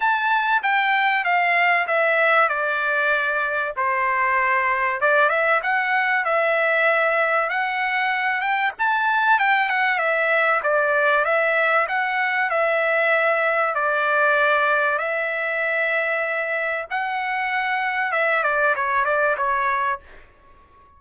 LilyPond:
\new Staff \with { instrumentName = "trumpet" } { \time 4/4 \tempo 4 = 96 a''4 g''4 f''4 e''4 | d''2 c''2 | d''8 e''8 fis''4 e''2 | fis''4. g''8 a''4 g''8 fis''8 |
e''4 d''4 e''4 fis''4 | e''2 d''2 | e''2. fis''4~ | fis''4 e''8 d''8 cis''8 d''8 cis''4 | }